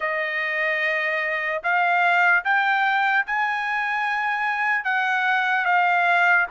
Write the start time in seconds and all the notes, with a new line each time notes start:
0.00 D#5
1.63 F5
2.44 G5
3.26 G#5
4.84 F#5
5.65 F5